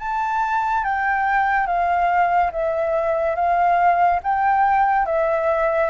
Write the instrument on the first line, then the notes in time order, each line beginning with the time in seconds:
flute
0.00 A5
0.85 G5
1.67 F5
2.52 E5
3.36 F5
4.24 G5
5.06 E5